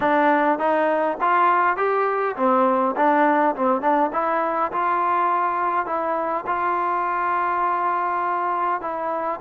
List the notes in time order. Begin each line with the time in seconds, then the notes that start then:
0.00 D4
0.59 D#4
1.20 F4
1.76 G4
2.36 C4
2.96 D4
3.55 C4
3.81 D4
4.12 E4
4.71 F4
5.86 E4
6.46 F4
8.81 E4